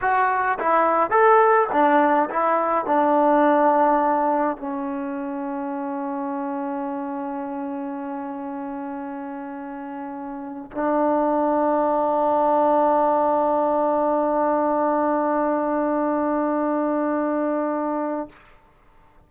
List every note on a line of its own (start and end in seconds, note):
0.01 0.58 F#4
0.59 1.10 E4
1.10 1.67 A4
1.72 2.29 D4
2.30 2.85 E4
2.85 4.57 D4
4.57 10.71 C#4
10.71 18.28 D4